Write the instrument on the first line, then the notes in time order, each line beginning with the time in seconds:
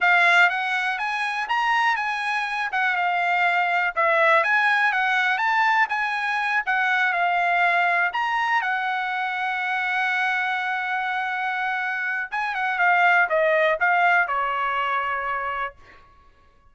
trumpet
0.00 F5
0.49 F#5
0.98 G#5
1.49 A#5
1.96 G#5
2.72 F#5
2.96 F5
3.95 E5
4.43 G#5
4.92 F#5
5.38 A5
5.89 G#5
6.65 F#5
7.12 F5
8.12 A#5
8.61 F#5
12.31 G#5
12.54 F#5
12.78 F5
13.29 D#5
13.80 F5
14.27 C#5